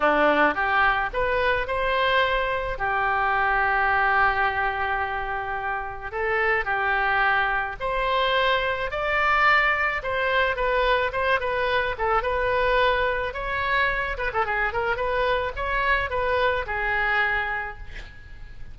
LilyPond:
\new Staff \with { instrumentName = "oboe" } { \time 4/4 \tempo 4 = 108 d'4 g'4 b'4 c''4~ | c''4 g'2.~ | g'2. a'4 | g'2 c''2 |
d''2 c''4 b'4 | c''8 b'4 a'8 b'2 | cis''4. b'16 a'16 gis'8 ais'8 b'4 | cis''4 b'4 gis'2 | }